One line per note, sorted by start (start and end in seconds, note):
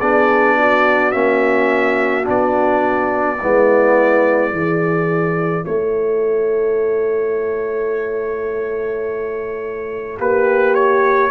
0.00 1.14 B3
0.00 1.12 D4
0.00 0.57 G#4
0.00 1.12 D5
0.58 3.41 F#4
1.12 2.28 A#3
1.12 2.24 C#4
1.12 2.25 E5
2.24 3.42 B3
2.24 3.37 D4
2.24 5.66 D5
3.42 4.52 G#3
3.42 4.51 B3
3.42 4.55 E4
4.51 5.65 E3
4.51 11.30 E4
4.51 5.66 G#4
5.66 10.20 A3
5.66 10.19 A4
5.66 10.18 C#5
10.19 11.31 A#3
10.19 11.31 G4
10.19 10.75 B4
10.75 11.31 C#5